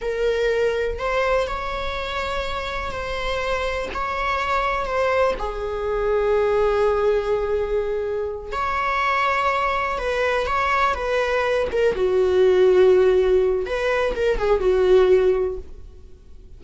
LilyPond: \new Staff \with { instrumentName = "viola" } { \time 4/4 \tempo 4 = 123 ais'2 c''4 cis''4~ | cis''2 c''2 | cis''2 c''4 gis'4~ | gis'1~ |
gis'4. cis''2~ cis''8~ | cis''8 b'4 cis''4 b'4. | ais'8 fis'2.~ fis'8 | b'4 ais'8 gis'8 fis'2 | }